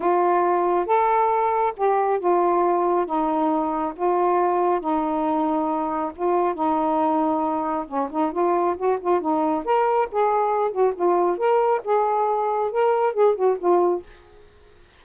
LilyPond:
\new Staff \with { instrumentName = "saxophone" } { \time 4/4 \tempo 4 = 137 f'2 a'2 | g'4 f'2 dis'4~ | dis'4 f'2 dis'4~ | dis'2 f'4 dis'4~ |
dis'2 cis'8 dis'8 f'4 | fis'8 f'8 dis'4 ais'4 gis'4~ | gis'8 fis'8 f'4 ais'4 gis'4~ | gis'4 ais'4 gis'8 fis'8 f'4 | }